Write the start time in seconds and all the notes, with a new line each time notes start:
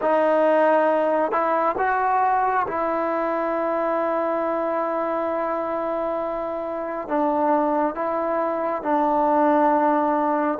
0.01 D#4
1.31 E4
1.78 F#4
2.67 E4
7.07 D4
7.94 E4
8.82 D4